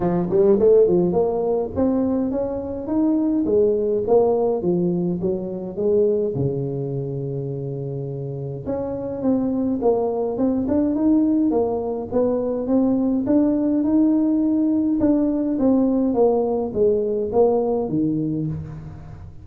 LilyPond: \new Staff \with { instrumentName = "tuba" } { \time 4/4 \tempo 4 = 104 f8 g8 a8 f8 ais4 c'4 | cis'4 dis'4 gis4 ais4 | f4 fis4 gis4 cis4~ | cis2. cis'4 |
c'4 ais4 c'8 d'8 dis'4 | ais4 b4 c'4 d'4 | dis'2 d'4 c'4 | ais4 gis4 ais4 dis4 | }